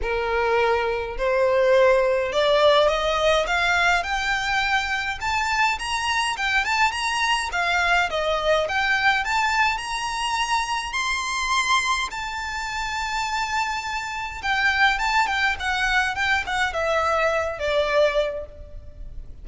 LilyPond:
\new Staff \with { instrumentName = "violin" } { \time 4/4 \tempo 4 = 104 ais'2 c''2 | d''4 dis''4 f''4 g''4~ | g''4 a''4 ais''4 g''8 a''8 | ais''4 f''4 dis''4 g''4 |
a''4 ais''2 c'''4~ | c'''4 a''2.~ | a''4 g''4 a''8 g''8 fis''4 | g''8 fis''8 e''4. d''4. | }